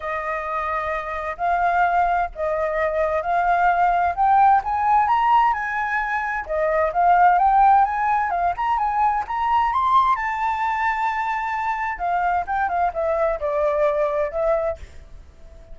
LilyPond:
\new Staff \with { instrumentName = "flute" } { \time 4/4 \tempo 4 = 130 dis''2. f''4~ | f''4 dis''2 f''4~ | f''4 g''4 gis''4 ais''4 | gis''2 dis''4 f''4 |
g''4 gis''4 f''8 ais''8 gis''4 | ais''4 c'''4 a''2~ | a''2 f''4 g''8 f''8 | e''4 d''2 e''4 | }